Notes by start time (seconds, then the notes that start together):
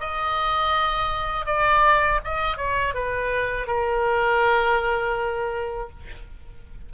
0.00 D#5
1.46 D5
2.25 D#5
2.58 C#5
2.95 B4
3.68 A#4